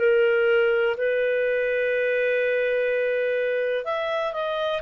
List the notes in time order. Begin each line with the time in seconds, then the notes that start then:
0.00 A#4
0.97 B4
3.85 E5
4.33 D#5